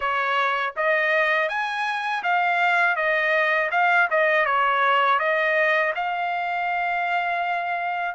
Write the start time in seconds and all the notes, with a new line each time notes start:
0.00 C#5
0.76 D#5
1.48 G#5
2.23 F5
2.96 D#5
3.71 F5
4.10 D#5
4.45 C#5
5.19 D#5
5.95 F5